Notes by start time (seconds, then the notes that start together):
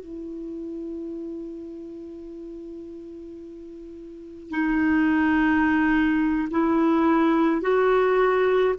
0.00 E4
4.51 D#4
6.51 E4
7.62 F#4